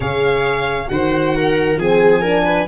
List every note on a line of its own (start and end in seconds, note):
0.00 0.88 C#3
0.00 0.87 G#4
0.00 0.88 C#5
0.00 0.88 F5
0.87 1.76 D#3
0.87 1.77 F#4
0.87 1.35 C5
0.87 1.78 F#5
1.35 1.79 A#4
1.76 2.65 F3
1.76 2.23 C4
1.76 2.21 G#4
1.76 2.67 G#5
2.21 2.67 D4
2.21 2.43 A#4
2.44 2.67 B4